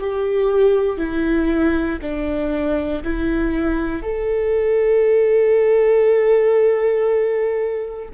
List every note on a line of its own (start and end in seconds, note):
0.00 0.98 G4
0.98 2.00 E4
2.02 3.03 D4
3.04 4.03 E4
4.03 8.09 A4